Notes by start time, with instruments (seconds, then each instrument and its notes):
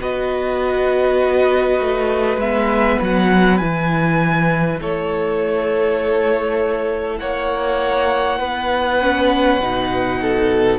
0.00 cello B3, viola F#4, violin B4 D#5
1.80 cello A3
2.37 cello G#3, viola B3, violin E5
3.02 cello F#3, violin F#5
3.58 cello E3, viola E4, violin G#5
4.82 cello A3, violin A4 C#5
7.19 cello A#3, violin C#5 F#5
8.39 cello B3, violin B4
9.01 viola C#4
9.60 cello B2, viola D#4
10.22 violin A4